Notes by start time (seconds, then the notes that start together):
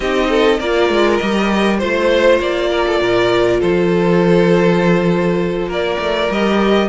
0.00 C4 D#4 G4 D#5
0.29 A4
0.59 A#3 F4 A#4 D5
0.89 G#3
1.17 G3 G4 D#5
1.78 A3 F4 C5
2.39 A#3 D5
2.70 A#4
2.86 A4
3.00 A#2 A#4
3.60 F3 A4 C5
5.67 A#3 A#4 D5
5.99 A3
6.30 G3 G4 D#5